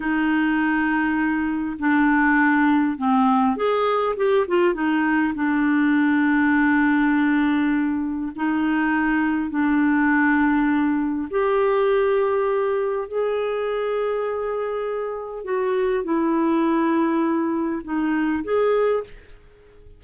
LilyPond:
\new Staff \with { instrumentName = "clarinet" } { \time 4/4 \tempo 4 = 101 dis'2. d'4~ | d'4 c'4 gis'4 g'8 f'8 | dis'4 d'2.~ | d'2 dis'2 |
d'2. g'4~ | g'2 gis'2~ | gis'2 fis'4 e'4~ | e'2 dis'4 gis'4 | }